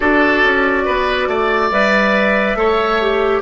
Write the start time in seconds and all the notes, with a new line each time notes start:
0.00 D4 F#4 A4 D5
0.43 C#4
0.85 B3 B4
1.27 A3 D5
1.71 G3 B4 E5
2.55 A3 A4 C#5
3.00 G4